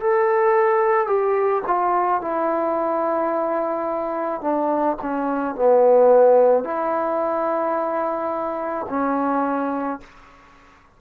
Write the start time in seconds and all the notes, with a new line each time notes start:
0.00 A4
1.07 G4
1.67 F4
2.21 E4
4.41 D4
5.02 C#4
5.56 B3
6.64 E4
8.89 C#4